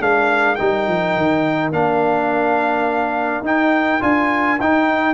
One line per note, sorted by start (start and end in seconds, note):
0.00 0.57 G#3
0.00 0.57 D4
0.00 5.14 A#4
0.00 0.55 F5
0.55 0.87 G3
0.55 1.72 D#4
0.55 1.69 G5
0.87 1.16 F3
1.16 1.71 D#3
1.71 3.41 A#3
1.71 3.44 D4
1.71 3.44 F5
3.41 3.98 D#4
3.41 4.00 D#4
3.41 4.02 G5
4.00 4.59 D4
4.00 4.57 F4
4.00 4.59 G#5
4.59 5.14 D#4
4.59 5.14 G5